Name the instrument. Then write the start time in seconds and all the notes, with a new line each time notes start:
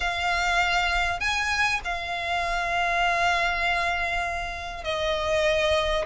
violin
0.00 F5
1.20 G#5
1.84 F5
4.83 D#5